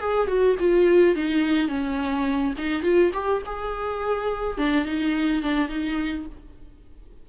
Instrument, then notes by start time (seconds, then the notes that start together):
viola
0.00 G#4
0.28 F#4
0.59 F4
1.16 D#4
1.68 C#4
2.58 D#4
2.83 F4
3.14 G4
3.46 G#4
4.58 D4
4.85 D#4
5.42 D4
5.69 D#4